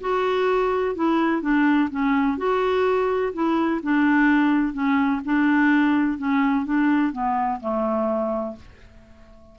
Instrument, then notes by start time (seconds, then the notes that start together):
clarinet
0.00 F#4
0.95 E4
1.41 D4
1.90 C#4
2.37 F#4
3.33 E4
3.82 D4
4.73 C#4
5.24 D4
6.18 C#4
6.65 D4
7.12 B3
7.60 A3